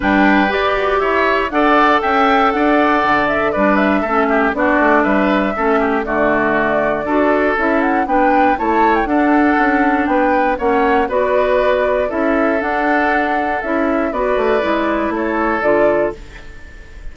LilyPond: <<
  \new Staff \with { instrumentName = "flute" } { \time 4/4 \tempo 4 = 119 g''4 d''4 e''4 fis''4 | g''4 fis''4. e''8 d''8 e''8~ | e''4 d''4 e''2 | d''2. e''8 fis''8 |
g''4 a''8. g''16 fis''2 | g''4 fis''4 d''2 | e''4 fis''2 e''4 | d''2 cis''4 d''4 | }
  \new Staff \with { instrumentName = "oboe" } { \time 4/4 b'2 cis''4 d''4 | e''4 d''2 b'4 | a'8 g'8 fis'4 b'4 a'8 g'8 | fis'2 a'2 |
b'4 cis''4 a'2 | b'4 cis''4 b'2 | a'1 | b'2 a'2 | }
  \new Staff \with { instrumentName = "clarinet" } { \time 4/4 d'4 g'2 a'4~ | a'2. d'4 | cis'4 d'2 cis'4 | a2 fis'4 e'4 |
d'4 e'4 d'2~ | d'4 cis'4 fis'2 | e'4 d'2 e'4 | fis'4 e'2 f'4 | }
  \new Staff \with { instrumentName = "bassoon" } { \time 4/4 g4 g'8 fis'8 e'4 d'4 | cis'4 d'4 d4 g4 | a4 b8 a8 g4 a4 | d2 d'4 cis'4 |
b4 a4 d'4 cis'4 | b4 ais4 b2 | cis'4 d'2 cis'4 | b8 a8 gis4 a4 d4 | }
>>